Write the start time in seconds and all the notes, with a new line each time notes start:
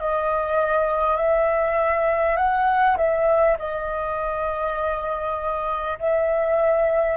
0.00 D#5
1.17 E5
2.37 F#5
2.97 E5
3.58 D#5
5.99 E5